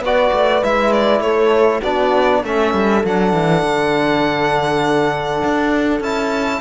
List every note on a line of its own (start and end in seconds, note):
0.00 0.30 B3
0.00 0.64 F#4
0.00 1.23 B4
0.00 0.64 D5
0.33 0.63 A3
0.64 1.21 G#3
0.64 1.83 E4
0.64 0.93 E5
0.93 1.21 D5
1.21 1.81 A3
1.21 1.80 A4
1.21 1.81 C#5
1.80 2.44 B3
1.80 2.45 D4
1.80 2.40 F#4
1.80 2.44 D5
2.43 2.74 A3
2.43 3.05 C#4
2.43 6.62 A4
2.43 3.06 E5
2.74 3.04 G3
3.04 3.33 F#3
3.04 6.03 D4
3.04 6.03 F#5
3.33 3.63 E3
3.63 5.43 D3
5.45 6.01 D4
6.01 6.61 C#4
6.01 6.62 E4
6.01 6.62 A5